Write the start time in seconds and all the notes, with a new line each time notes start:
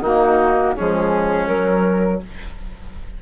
0.00 D#3 A#3 D#4 F#4
0.75 F3 G#3 C#4 G#4
1.47 F#3 A#4